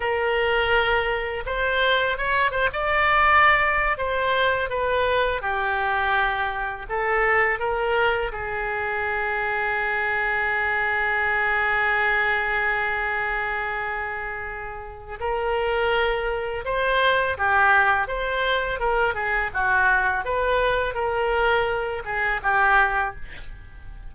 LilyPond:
\new Staff \with { instrumentName = "oboe" } { \time 4/4 \tempo 4 = 83 ais'2 c''4 cis''8 c''16 d''16~ | d''4. c''4 b'4 g'8~ | g'4. a'4 ais'4 gis'8~ | gis'1~ |
gis'1~ | gis'4 ais'2 c''4 | g'4 c''4 ais'8 gis'8 fis'4 | b'4 ais'4. gis'8 g'4 | }